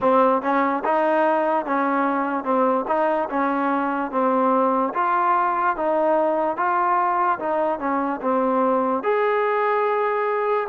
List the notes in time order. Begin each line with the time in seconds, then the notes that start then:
0.00 C4
0.42 C#4
0.84 D#4
1.65 C#4
2.44 C4
2.87 D#4
3.29 C#4
4.11 C4
4.94 F4
5.76 D#4
6.56 F4
7.39 D#4
7.79 C#4
8.21 C4
9.03 G#4